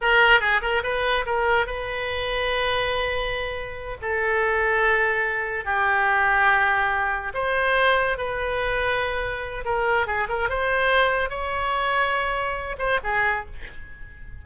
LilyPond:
\new Staff \with { instrumentName = "oboe" } { \time 4/4 \tempo 4 = 143 ais'4 gis'8 ais'8 b'4 ais'4 | b'1~ | b'4. a'2~ a'8~ | a'4. g'2~ g'8~ |
g'4. c''2 b'8~ | b'2. ais'4 | gis'8 ais'8 c''2 cis''4~ | cis''2~ cis''8 c''8 gis'4 | }